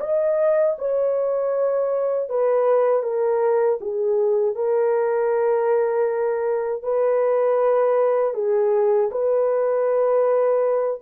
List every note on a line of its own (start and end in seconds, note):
0.00 0.76 D#5
0.78 2.29 C#5
2.29 3.03 B4
3.03 3.79 A#4
3.81 4.55 G#4
4.55 6.83 A#4
6.83 8.34 B4
8.34 9.10 G#4
9.11 11.01 B4